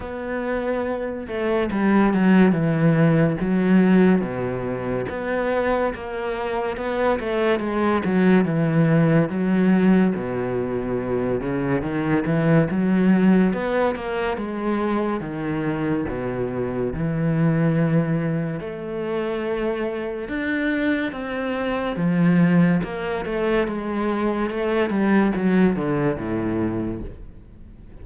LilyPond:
\new Staff \with { instrumentName = "cello" } { \time 4/4 \tempo 4 = 71 b4. a8 g8 fis8 e4 | fis4 b,4 b4 ais4 | b8 a8 gis8 fis8 e4 fis4 | b,4. cis8 dis8 e8 fis4 |
b8 ais8 gis4 dis4 b,4 | e2 a2 | d'4 c'4 f4 ais8 a8 | gis4 a8 g8 fis8 d8 a,4 | }